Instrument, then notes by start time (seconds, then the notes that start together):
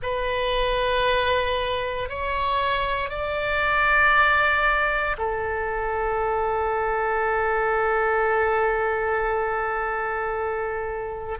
oboe
0.02 B4
2.09 C#5
3.09 D5
5.17 A4